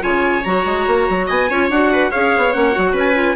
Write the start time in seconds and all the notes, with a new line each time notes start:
0.00 C#3 F4 C#5 G#5
0.44 F#3 F#4 A#5
0.65 G#3
0.87 A#3
1.09 F#3
1.27 B3 D#5 G#5
1.50 C#4 F4 C#5
1.69 D4 F#4 F#5
1.92 B4
2.10 C#4 G#4 C#5 F5
2.37 B3
2.52 A#3 C#4 F#5
2.71 F#4
2.77 F#3
2.92 C#4 B4
2.99 G#5
3.14 F4